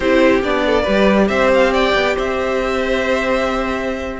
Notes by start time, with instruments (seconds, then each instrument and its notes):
0.00 cello C4, viola E4, violin G4 C5
0.43 cello B3, viola D4, violin D5
0.65 violin A4
0.82 cello G3, viola G4, violin B4
1.28 cello C4, violin C5 E5
1.53 violin F5
1.72 violin D5 G5
1.94 cello B3
2.15 cello C4, violin C5 E5